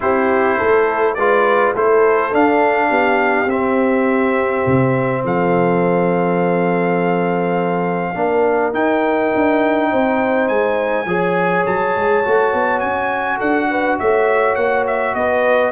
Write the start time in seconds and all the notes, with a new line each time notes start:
0.00 C4 E4 G4 C5
0.58 A3 A4
1.14 G#3 F4 B4 D5
1.75 A3 E4 A4 C5
2.31 D4 F5
2.89 B3 G4
3.46 C4 E5
4.66 C3
5.24 F3 A4 F5
8.14 A#3 D4 A#4
8.72 D#4 G5
9.34 D4
9.90 C4 C5
10.47 G#3 G#5
11.05 F3 G#4 C#5
11.66 F#3 A5
11.95 G#3
12.24 A3 F#4
12.53 B3
12.79 C#4 G#5
13.37 D4 A4 F#5
13.69 B4
13.99 A3 C#5 E5
14.55 A#3 F#5
14.86 E5
15.14 B3 B4 D#5